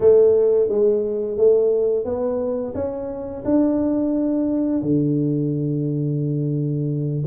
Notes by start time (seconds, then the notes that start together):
0.00 A3
0.69 G#3
1.37 A3
2.04 B3
2.74 C#4
3.45 D4
4.82 D3